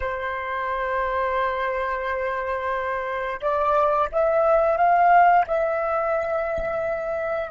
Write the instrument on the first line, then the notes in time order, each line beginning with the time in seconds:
flute
0.00 C5
3.40 D5
4.12 E5
4.77 F5
5.47 E5